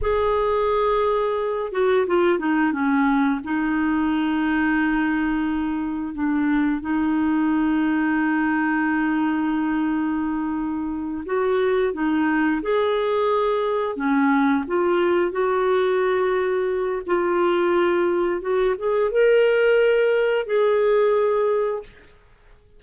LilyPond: \new Staff \with { instrumentName = "clarinet" } { \time 4/4 \tempo 4 = 88 gis'2~ gis'8 fis'8 f'8 dis'8 | cis'4 dis'2.~ | dis'4 d'4 dis'2~ | dis'1~ |
dis'8 fis'4 dis'4 gis'4.~ | gis'8 cis'4 f'4 fis'4.~ | fis'4 f'2 fis'8 gis'8 | ais'2 gis'2 | }